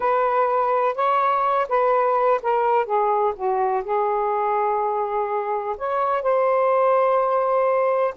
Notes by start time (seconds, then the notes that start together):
0.00 B4
0.95 C#5
1.68 B4
2.42 A#4
2.85 G#4
3.35 F#4
3.84 G#4
5.77 C#5
6.22 C5